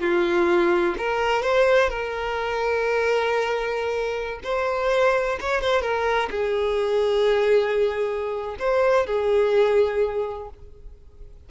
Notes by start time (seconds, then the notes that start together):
0.00 F4
0.98 A#4
1.43 C5
1.90 A#4
4.44 C5
5.40 C#5
5.61 C5
5.82 A#4
6.30 G#4
8.59 C5
9.06 G#4